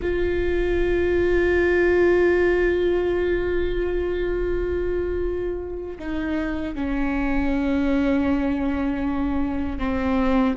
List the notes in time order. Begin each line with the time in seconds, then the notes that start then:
0.01 F4
5.99 D#4
6.74 C#4
9.78 C4